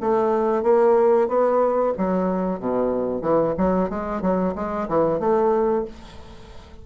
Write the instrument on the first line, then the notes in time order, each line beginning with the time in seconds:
bassoon
0.00 A3
0.63 A#3
1.28 B3
1.97 F#3
2.59 B2
3.22 E3
3.58 F#3
3.89 G#3
4.21 F#3
4.55 G#3
4.88 E3
5.19 A3